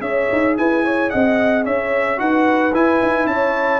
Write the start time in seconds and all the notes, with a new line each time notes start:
0.00 C#4 G#4 C#5 E5
0.32 D#4
0.57 E4 B4 G#5
0.84 C#5
1.09 C4 D#5 F#5
1.65 C#4 C#5 E5
2.16 D#4 F#4 B4 F#5
2.73 E4 G#5
3.02 D#4
3.26 C#4 C#5 A5